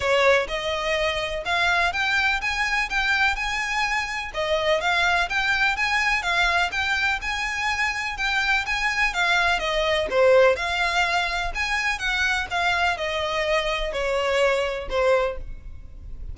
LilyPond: \new Staff \with { instrumentName = "violin" } { \time 4/4 \tempo 4 = 125 cis''4 dis''2 f''4 | g''4 gis''4 g''4 gis''4~ | gis''4 dis''4 f''4 g''4 | gis''4 f''4 g''4 gis''4~ |
gis''4 g''4 gis''4 f''4 | dis''4 c''4 f''2 | gis''4 fis''4 f''4 dis''4~ | dis''4 cis''2 c''4 | }